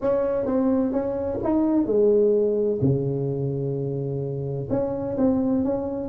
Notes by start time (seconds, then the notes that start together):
0.01 C#4
0.45 C4
0.92 C#4
1.43 D#4
1.85 G#3
2.81 C#3
4.70 C#4
5.17 C4
5.64 C#4